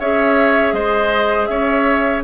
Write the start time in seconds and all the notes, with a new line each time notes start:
0.00 C#4 G#4 C#5 E5
0.73 G#3 C5 D#5
1.46 C#4 C#5 E5